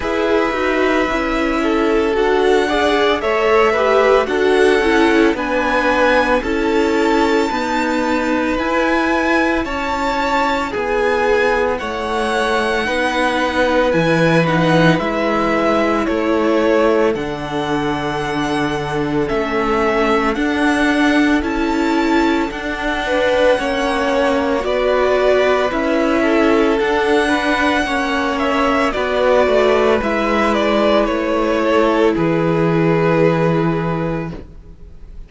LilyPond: <<
  \new Staff \with { instrumentName = "violin" } { \time 4/4 \tempo 4 = 56 e''2 fis''4 e''4 | fis''4 gis''4 a''2 | gis''4 a''4 gis''4 fis''4~ | fis''4 gis''8 fis''8 e''4 cis''4 |
fis''2 e''4 fis''4 | a''4 fis''2 d''4 | e''4 fis''4. e''8 d''4 | e''8 d''8 cis''4 b'2 | }
  \new Staff \with { instrumentName = "violin" } { \time 4/4 b'4. a'4 d''8 cis''8 b'8 | a'4 b'4 a'4 b'4~ | b'4 cis''4 gis'4 cis''4 | b'2. a'4~ |
a'1~ | a'4. b'8 cis''4 b'4~ | b'8 a'4 b'8 cis''4 b'4~ | b'4. a'8 gis'2 | }
  \new Staff \with { instrumentName = "viola" } { \time 4/4 gis'8 fis'8 e'4 fis'8 gis'8 a'8 g'8 | fis'8 e'8 d'4 e'4 b4 | e'1 | dis'4 e'8 dis'8 e'2 |
d'2 cis'4 d'4 | e'4 d'4 cis'4 fis'4 | e'4 d'4 cis'4 fis'4 | e'1 | }
  \new Staff \with { instrumentName = "cello" } { \time 4/4 e'8 dis'8 cis'4 d'4 a4 | d'8 cis'8 b4 cis'4 dis'4 | e'4 cis'4 b4 a4 | b4 e4 gis4 a4 |
d2 a4 d'4 | cis'4 d'4 ais4 b4 | cis'4 d'4 ais4 b8 a8 | gis4 a4 e2 | }
>>